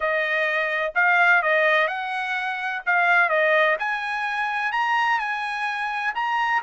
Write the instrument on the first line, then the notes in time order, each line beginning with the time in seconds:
trumpet
0.00 D#5
0.94 F5
1.42 D#5
1.87 F#5
2.86 F5
3.29 D#5
3.79 G#5
4.71 A#5
5.19 G#5
6.14 A#5